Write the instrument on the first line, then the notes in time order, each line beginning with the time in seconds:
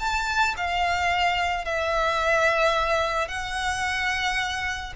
violin
0.00 A5
0.57 F5
1.65 E5
3.29 F#5